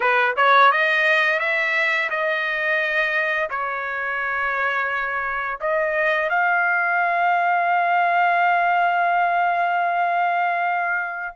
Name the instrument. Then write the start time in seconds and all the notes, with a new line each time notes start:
trumpet
0.00 B4
0.36 C#5
0.71 D#5
1.39 E5
2.09 D#5
3.49 C#5
5.60 D#5
6.29 F5